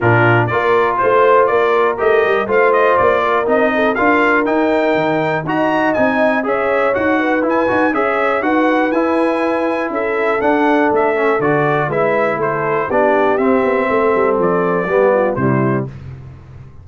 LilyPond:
<<
  \new Staff \with { instrumentName = "trumpet" } { \time 4/4 \tempo 4 = 121 ais'4 d''4 c''4 d''4 | dis''4 f''8 dis''8 d''4 dis''4 | f''4 g''2 ais''4 | gis''4 e''4 fis''4 gis''4 |
e''4 fis''4 gis''2 | e''4 fis''4 e''4 d''4 | e''4 c''4 d''4 e''4~ | e''4 d''2 c''4 | }
  \new Staff \with { instrumentName = "horn" } { \time 4/4 f'4 ais'4 c''4 ais'4~ | ais'4 c''4. ais'4 a'8 | ais'2. dis''4~ | dis''4 cis''4. b'4. |
cis''4 b'2. | a'1 | b'4 a'4 g'2 | a'2 g'8 f'8 e'4 | }
  \new Staff \with { instrumentName = "trombone" } { \time 4/4 d'4 f'2. | g'4 f'2 dis'4 | f'4 dis'2 fis'4 | dis'4 gis'4 fis'4 e'8 fis'8 |
gis'4 fis'4 e'2~ | e'4 d'4. cis'8 fis'4 | e'2 d'4 c'4~ | c'2 b4 g4 | }
  \new Staff \with { instrumentName = "tuba" } { \time 4/4 ais,4 ais4 a4 ais4 | a8 g8 a4 ais4 c'4 | d'4 dis'4 dis4 dis'4 | c'4 cis'4 dis'4 e'8 dis'8 |
cis'4 dis'4 e'2 | cis'4 d'4 a4 d4 | gis4 a4 b4 c'8 b8 | a8 g8 f4 g4 c4 | }
>>